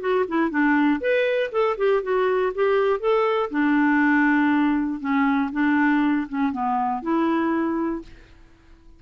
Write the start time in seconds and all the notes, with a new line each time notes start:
0.00 F#4
0.28 E4
0.50 D4
1.00 B4
1.52 A4
1.77 G4
2.03 F#4
2.55 G4
3.00 A4
3.50 D4
5.00 C#4
5.52 D4
6.29 C#4
6.52 B3
7.02 E4